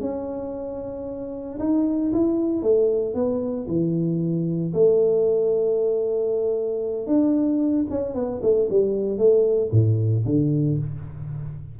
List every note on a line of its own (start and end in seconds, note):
0.00 1.58 C#4
1.59 2.11 D#4
2.12 2.62 E4
2.62 3.14 A3
3.14 3.67 B3
3.67 4.72 E3
4.73 7.06 A3
7.06 7.85 D4
7.89 8.14 C#4
8.14 8.40 B3
8.42 8.68 A3
8.69 9.17 G3
9.17 9.70 A3
9.71 10.24 A2
10.25 10.78 D3